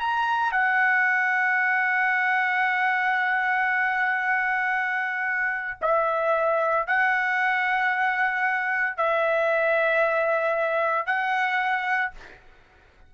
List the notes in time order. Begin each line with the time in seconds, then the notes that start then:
0.00 A#5
0.52 F#5
5.82 E5
6.87 F#5
8.97 E5
11.06 F#5